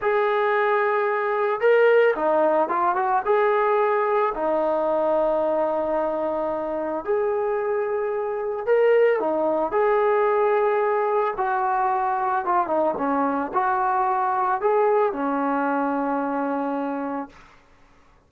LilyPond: \new Staff \with { instrumentName = "trombone" } { \time 4/4 \tempo 4 = 111 gis'2. ais'4 | dis'4 f'8 fis'8 gis'2 | dis'1~ | dis'4 gis'2. |
ais'4 dis'4 gis'2~ | gis'4 fis'2 f'8 dis'8 | cis'4 fis'2 gis'4 | cis'1 | }